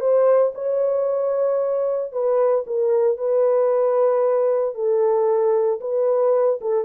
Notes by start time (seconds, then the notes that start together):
0.00 C5
0.55 C#5
2.12 B4
2.67 A#4
3.17 B4
4.75 A4
5.81 B4
6.61 A4